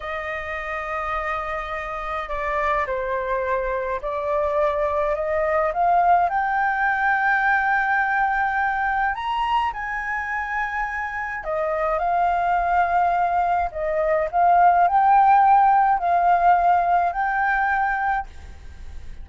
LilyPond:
\new Staff \with { instrumentName = "flute" } { \time 4/4 \tempo 4 = 105 dis''1 | d''4 c''2 d''4~ | d''4 dis''4 f''4 g''4~ | g''1 |
ais''4 gis''2. | dis''4 f''2. | dis''4 f''4 g''2 | f''2 g''2 | }